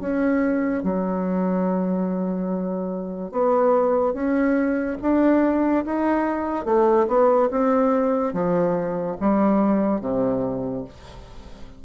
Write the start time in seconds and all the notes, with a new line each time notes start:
0.00 C#4
0.83 F#3
3.32 B3
4.14 C#4
5.02 D4
5.86 D#4
6.66 A3
7.08 B3
7.51 C4
8.33 F3
9.20 G3
10.01 C3